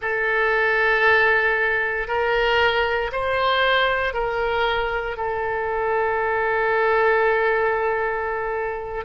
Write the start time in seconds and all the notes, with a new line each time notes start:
0.01 A4
2.07 A#4
3.12 C5
4.13 A#4
5.17 A4